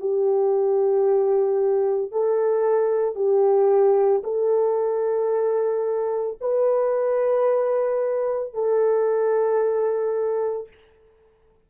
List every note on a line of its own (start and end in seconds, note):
0.00 2.12 G4
2.12 3.16 A4
3.16 4.23 G4
4.24 6.38 A4
6.40 8.54 B4
8.54 10.68 A4